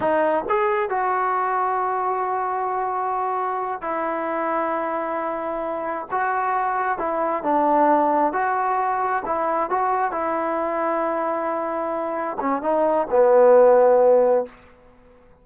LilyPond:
\new Staff \with { instrumentName = "trombone" } { \time 4/4 \tempo 4 = 133 dis'4 gis'4 fis'2~ | fis'1~ | fis'8 e'2.~ e'8~ | e'4. fis'2 e'8~ |
e'8 d'2 fis'4.~ | fis'8 e'4 fis'4 e'4.~ | e'2.~ e'8 cis'8 | dis'4 b2. | }